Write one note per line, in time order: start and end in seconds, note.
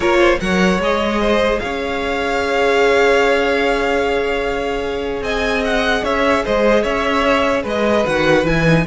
0.00 0.38 A#3
0.00 0.41 F4
0.00 0.18 A#4
0.00 0.39 C#5
0.19 0.39 C5
0.40 0.78 F#3
0.40 0.81 A#4
0.40 1.21 C#5
0.40 0.80 F#5
0.78 1.59 G#3
0.78 8.05 G#4
0.78 1.59 D#5
1.21 1.61 C5
1.59 5.21 C#4
1.59 5.23 C#5
1.59 5.22 F5
5.21 6.02 C4
5.21 6.03 D#5
5.21 5.63 G#5
5.64 6.04 F#5
6.03 6.44 C#4
6.03 6.43 C#5
6.03 6.45 E5
6.44 6.84 G#3
6.44 6.83 C5
6.44 6.83 D#5
6.83 7.64 C#4
6.83 7.62 C#5
6.83 7.64 E5
7.62 8.04 G#3
7.62 8.83 B4
7.62 8.05 D#5
8.05 8.44 D#3
8.05 8.45 F#4
8.05 8.45 F#5
8.44 8.84 E3
8.44 8.65 E4
8.44 8.86 G#5
8.65 8.85 D#4